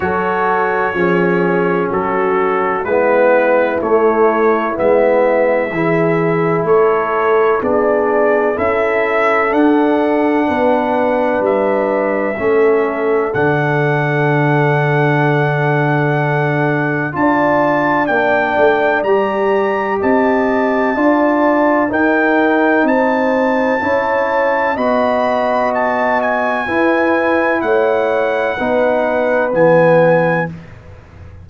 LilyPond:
<<
  \new Staff \with { instrumentName = "trumpet" } { \time 4/4 \tempo 4 = 63 cis''2 a'4 b'4 | cis''4 e''2 cis''4 | d''4 e''4 fis''2 | e''2 fis''2~ |
fis''2 a''4 g''4 | ais''4 a''2 g''4 | a''2 b''4 a''8 gis''8~ | gis''4 fis''2 gis''4 | }
  \new Staff \with { instrumentName = "horn" } { \time 4/4 a'4 gis'4 fis'4 e'4~ | e'2 gis'4 a'4 | gis'4 a'2 b'4~ | b'4 a'2.~ |
a'2 d''2~ | d''4 dis''4 d''4 ais'4 | c''4 cis''4 dis''2 | b'4 cis''4 b'2 | }
  \new Staff \with { instrumentName = "trombone" } { \time 4/4 fis'4 cis'2 b4 | a4 b4 e'2 | d'4 e'4 d'2~ | d'4 cis'4 d'2~ |
d'2 f'4 d'4 | g'2 f'4 dis'4~ | dis'4 e'4 fis'2 | e'2 dis'4 b4 | }
  \new Staff \with { instrumentName = "tuba" } { \time 4/4 fis4 f4 fis4 gis4 | a4 gis4 e4 a4 | b4 cis'4 d'4 b4 | g4 a4 d2~ |
d2 d'4 ais8 a8 | g4 c'4 d'4 dis'4 | c'4 cis'4 b2 | e'4 a4 b4 e4 | }
>>